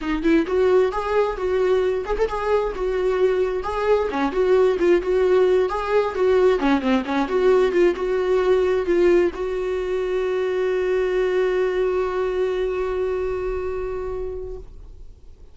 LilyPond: \new Staff \with { instrumentName = "viola" } { \time 4/4 \tempo 4 = 132 dis'8 e'8 fis'4 gis'4 fis'4~ | fis'8 gis'16 a'16 gis'4 fis'2 | gis'4 cis'8 fis'4 f'8 fis'4~ | fis'8 gis'4 fis'4 cis'8 c'8 cis'8 |
fis'4 f'8 fis'2 f'8~ | f'8 fis'2.~ fis'8~ | fis'1~ | fis'1 | }